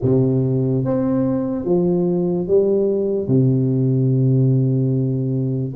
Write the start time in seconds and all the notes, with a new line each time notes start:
0.02 C3
0.84 C4
1.64 F3
2.47 G3
3.27 C3